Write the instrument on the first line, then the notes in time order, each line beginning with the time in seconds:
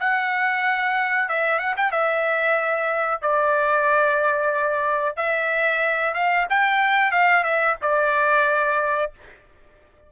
trumpet
0.00 F#5
1.29 E5
1.59 F#5
1.77 G5
1.92 E5
3.22 D5
5.17 E5
6.14 F5
6.50 G5
7.12 F5
7.43 E5
7.82 D5